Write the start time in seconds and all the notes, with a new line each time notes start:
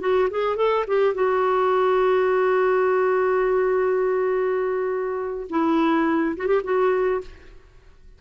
0.00 F#4
0.30 G#4
0.56 A4
0.87 G4
1.14 F#4
5.49 E4
6.37 F#4
6.47 G4
6.63 F#4